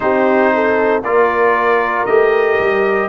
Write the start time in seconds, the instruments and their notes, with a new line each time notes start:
0.00 tuba C4, trombone D#4, horn G4, trumpet C5
0.54 horn A4
1.02 tuba A#3, trombone F4, horn A#4, trumpet D5
2.05 tuba A3, trombone G4, trumpet D#5
2.59 tuba G3